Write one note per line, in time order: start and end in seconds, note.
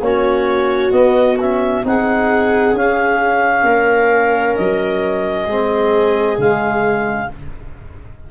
0.00 0.91 A#3
0.00 0.90 C#4
0.00 1.86 F#4
0.00 0.91 C#5
0.90 1.36 B3
0.90 1.83 B3
0.90 1.37 D#5
1.40 1.84 C#4
1.40 1.85 E5
1.84 2.73 C4
1.84 2.75 D#4
1.84 3.65 G#4
1.84 2.77 F#5
2.73 3.63 C#4
2.73 5.48 C#4
2.73 4.55 F5
3.63 4.54 A#3
3.63 5.45 A#4
4.55 5.46 F#3
4.55 6.37 D#5
5.45 6.37 G#3
5.45 6.38 C4
5.45 7.27 G#4
6.38 7.29 C#3
6.38 7.29 G#3
6.38 7.30 F5